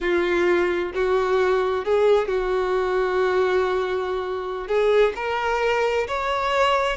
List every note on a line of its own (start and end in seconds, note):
0.00 0.92 F4
0.94 1.84 F#4
1.84 2.28 G#4
2.28 4.67 F#4
4.67 5.13 G#4
5.15 6.07 A#4
6.07 6.96 C#5